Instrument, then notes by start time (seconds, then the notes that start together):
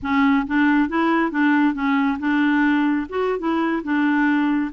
clarinet
0.02 C#4
0.46 D4
0.88 E4
1.31 D4
1.74 C#4
2.19 D4
3.09 F#4
3.38 E4
3.83 D4